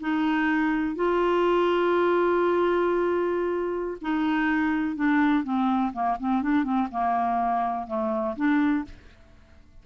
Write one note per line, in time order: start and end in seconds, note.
0.00 0.95 D#4
0.95 3.97 F4
4.01 4.95 D#4
4.95 5.43 D4
5.43 5.92 C4
5.93 6.17 A#3
6.19 6.42 C4
6.42 6.63 D4
6.63 6.88 C4
6.91 7.87 A#3
7.87 8.35 A3
8.36 8.84 D4